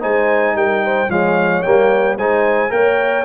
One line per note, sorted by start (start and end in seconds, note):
0.00 0.54 G#3
0.00 1.08 D#4
0.00 0.55 C5
0.00 0.57 G#5
0.54 1.08 G3
0.54 0.84 A#4
0.54 1.11 G5
0.84 1.10 C5
1.09 1.63 F3
1.09 1.65 G#3
1.09 2.18 C#5
1.09 1.63 F5
1.63 2.17 G3
1.63 2.19 A#3
1.63 2.17 G5
2.17 2.71 G#3
2.17 2.70 D#4
2.17 2.72 C5
2.17 2.72 G#5
2.70 3.25 A#3
2.70 3.24 A#4
2.70 3.25 C#5
2.70 3.25 G5